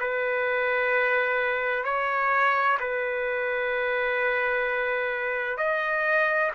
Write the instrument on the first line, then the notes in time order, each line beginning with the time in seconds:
trumpet
0.00 B4
1.85 C#5
2.80 B4
5.58 D#5